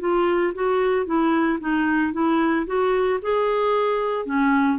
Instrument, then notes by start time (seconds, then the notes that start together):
clarinet
0.00 F4
0.54 F#4
1.06 E4
1.60 D#4
2.13 E4
2.66 F#4
3.22 G#4
4.26 C#4